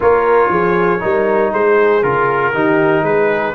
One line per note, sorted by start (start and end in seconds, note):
0.00 0.49 A#3
0.00 1.00 F4
0.00 0.50 A#4
0.00 1.53 C#5
0.49 1.00 F3
0.49 1.01 G#4
1.00 1.52 G3
1.00 2.01 D#4
1.00 1.52 A#4
1.52 2.03 G#3
1.52 2.53 G#4
1.52 2.03 C5
2.02 2.54 C#3
2.02 2.53 F4
2.02 3.04 A#4
2.53 3.02 D#3
2.53 3.55 D#4
2.53 3.04 G4
3.02 3.53 G#3
3.02 3.55 G#4
3.02 3.55 B4